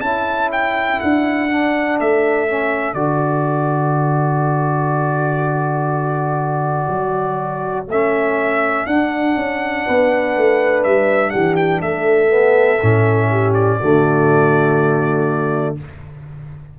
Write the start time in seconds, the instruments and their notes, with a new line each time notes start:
0.00 tuba C#4, trombone E4, horn A4, trumpet A5
0.52 trumpet G5
1.00 tuba D4, trumpet F#5
1.49 trombone D4
2.00 tuba A3, trumpet E5
2.47 trombone C#4
2.93 tuba D3, trombone F#4, trumpet D5
6.89 tuba F#3
7.87 tuba A3, trombone C#4, trumpet E5
8.86 tuba D4, trombone D4, trumpet F#5
9.36 tuba C#4
9.86 tuba B3, horn B4
10.36 tuba A3
10.83 tuba G3, trumpet E5
11.30 tuba E3, horn G4, trumpet F#5
11.56 trumpet G5
11.81 tuba A3, horn A4, trumpet E5
12.28 trombone B3
12.82 tuba A2, trombone C#4
13.30 horn G4
13.53 trumpet D5
13.79 tuba D3, trombone A3, horn F#4